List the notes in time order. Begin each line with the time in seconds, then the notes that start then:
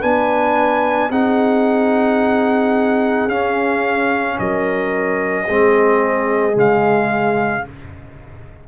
0.00 B3 D4 B4 G#5
1.10 C4 D#4 G#4 F#5
3.28 C#4 F5
4.39 F#3 A#4 D#5
5.46 G#3 C4 G#4
6.53 C#3 G#3
6.59 F5